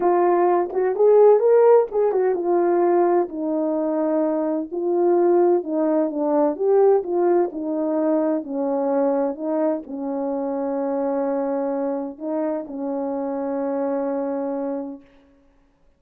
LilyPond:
\new Staff \with { instrumentName = "horn" } { \time 4/4 \tempo 4 = 128 f'4. fis'8 gis'4 ais'4 | gis'8 fis'8 f'2 dis'4~ | dis'2 f'2 | dis'4 d'4 g'4 f'4 |
dis'2 cis'2 | dis'4 cis'2.~ | cis'2 dis'4 cis'4~ | cis'1 | }